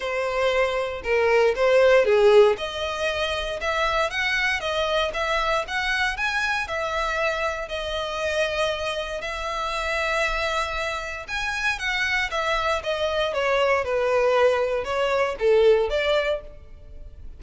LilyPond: \new Staff \with { instrumentName = "violin" } { \time 4/4 \tempo 4 = 117 c''2 ais'4 c''4 | gis'4 dis''2 e''4 | fis''4 dis''4 e''4 fis''4 | gis''4 e''2 dis''4~ |
dis''2 e''2~ | e''2 gis''4 fis''4 | e''4 dis''4 cis''4 b'4~ | b'4 cis''4 a'4 d''4 | }